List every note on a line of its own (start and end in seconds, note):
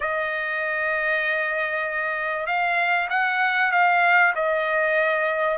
0.00 2.46 D#5
2.46 3.08 F5
3.09 3.71 F#5
3.71 4.33 F5
4.35 5.58 D#5